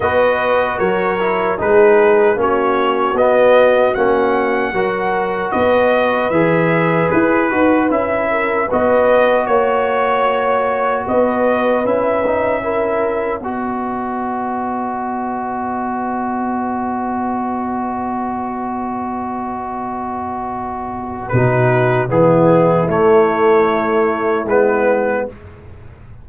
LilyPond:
<<
  \new Staff \with { instrumentName = "trumpet" } { \time 4/4 \tempo 4 = 76 dis''4 cis''4 b'4 cis''4 | dis''4 fis''2 dis''4 | e''4 b'4 e''4 dis''4 | cis''2 dis''4 e''4~ |
e''4 dis''2.~ | dis''1~ | dis''2. b'4 | gis'4 cis''2 b'4 | }
  \new Staff \with { instrumentName = "horn" } { \time 4/4 b'4 ais'4 gis'4 fis'4~ | fis'2 ais'4 b'4~ | b'2~ b'8 ais'8 b'4 | cis''2 b'2 |
ais'4 b'2.~ | b'1~ | b'2. fis'4 | e'1 | }
  \new Staff \with { instrumentName = "trombone" } { \time 4/4 fis'4. e'8 dis'4 cis'4 | b4 cis'4 fis'2 | gis'4. fis'8 e'4 fis'4~ | fis'2. e'8 dis'8 |
e'4 fis'2.~ | fis'1~ | fis'2. dis'4 | b4 a2 b4 | }
  \new Staff \with { instrumentName = "tuba" } { \time 4/4 b4 fis4 gis4 ais4 | b4 ais4 fis4 b4 | e4 e'8 dis'8 cis'4 b4 | ais2 b4 cis'4~ |
cis'4 b2.~ | b1~ | b2. b,4 | e4 a2 gis4 | }
>>